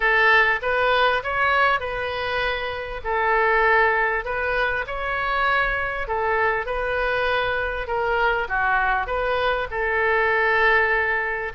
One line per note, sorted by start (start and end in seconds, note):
0.00 0.60 A4
0.62 1.22 B4
1.23 1.79 C#5
1.79 3.01 B4
3.03 4.24 A4
4.24 4.85 B4
4.87 6.07 C#5
6.07 6.66 A4
6.66 7.87 B4
7.87 8.47 A#4
8.48 9.06 F#4
9.06 9.67 B4
9.70 11.52 A4